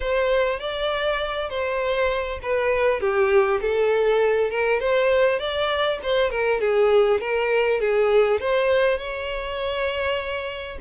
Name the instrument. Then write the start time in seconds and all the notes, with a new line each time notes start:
violin
0.00 C5
0.59 D5
1.49 C5
2.42 B4
3.00 G4
3.61 A4
4.50 A#4
4.80 C5
5.39 D5
6.02 C5
6.30 A#4
6.60 G#4
7.20 A#4
7.80 G#4
8.40 C5
8.98 C#5